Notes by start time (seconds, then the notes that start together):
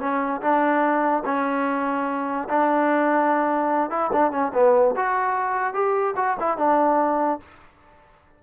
0.00 C#4
0.41 D4
1.25 C#4
2.49 D4
3.90 E4
4.13 D4
4.32 C#4
4.54 B3
4.96 F#4
5.74 G4
6.16 F#4
6.40 E4
6.58 D4